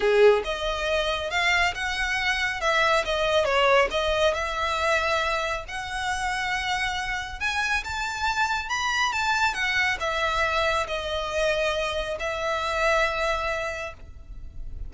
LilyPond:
\new Staff \with { instrumentName = "violin" } { \time 4/4 \tempo 4 = 138 gis'4 dis''2 f''4 | fis''2 e''4 dis''4 | cis''4 dis''4 e''2~ | e''4 fis''2.~ |
fis''4 gis''4 a''2 | b''4 a''4 fis''4 e''4~ | e''4 dis''2. | e''1 | }